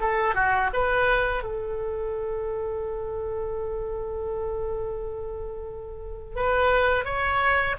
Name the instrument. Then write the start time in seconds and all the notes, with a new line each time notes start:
oboe
0.00 A4
0.35 F#4
0.73 B4
1.43 A4
6.36 B4
7.05 C#5